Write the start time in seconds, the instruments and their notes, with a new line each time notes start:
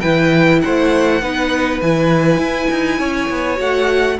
0.00 cello E3, viola E4, violin B4 G5
0.61 cello A3, violin C5 F#5
1.21 cello B3, viola D#4, violin B4
1.81 cello E3, viola E4, violin G#5
2.37 cello E4
2.70 cello D#4
2.98 cello C#4, violin C#5
3.29 cello B3
3.56 cello A3, viola F#4, violin F#5